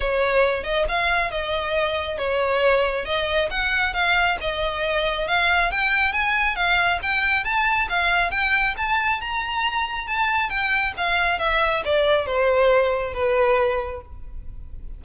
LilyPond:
\new Staff \with { instrumentName = "violin" } { \time 4/4 \tempo 4 = 137 cis''4. dis''8 f''4 dis''4~ | dis''4 cis''2 dis''4 | fis''4 f''4 dis''2 | f''4 g''4 gis''4 f''4 |
g''4 a''4 f''4 g''4 | a''4 ais''2 a''4 | g''4 f''4 e''4 d''4 | c''2 b'2 | }